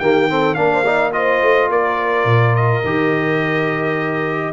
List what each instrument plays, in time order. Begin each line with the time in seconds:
0.00 tuba D#3, trombone A#3, horn G4, trumpet G5
0.29 trombone C4, horn A4
0.55 tuba A#3, trombone D4, horn A#4, trumpet F5
0.73 horn C5
0.85 trombone D#4, horn D5
1.13 trombone F4, horn C5, trumpet D#5
1.42 tuba A3
1.70 tuba A#3, horn A#4, trumpet D5
2.25 tuba A#2
2.55 trumpet D#5
2.85 tuba D#3, trombone G4